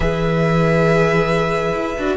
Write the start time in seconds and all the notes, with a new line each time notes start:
0.00 E3 G#4 B4 E5
1.73 E4
1.97 D4 F#4